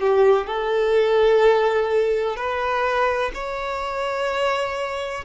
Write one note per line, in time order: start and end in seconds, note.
0.00 0.46 G4
0.46 2.36 A4
2.36 3.31 B4
3.34 5.24 C#5